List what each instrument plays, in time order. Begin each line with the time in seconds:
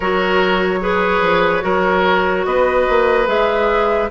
0.00 bassoon F#3, clarinet F#4, oboe A#4, flute C#5
0.80 clarinet G#4, oboe B4
1.21 bassoon F3
1.61 bassoon F#3, clarinet F#4, oboe A#4
2.45 bassoon B3, oboe B4, flute D#5
2.89 bassoon A#3
3.26 bassoon G#3, clarinet G#4, flute E5